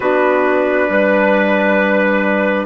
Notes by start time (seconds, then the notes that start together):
0.00 B3 D4 F#4 B4
0.89 G3 B4